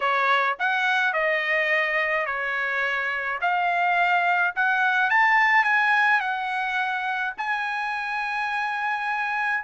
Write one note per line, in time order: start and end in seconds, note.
0.00 0.57 C#5
0.59 1.13 F#5
1.13 2.25 D#5
2.25 3.39 C#5
3.41 4.54 F5
4.55 5.09 F#5
5.09 5.64 A5
5.64 6.20 G#5
6.20 7.33 F#5
7.37 9.63 G#5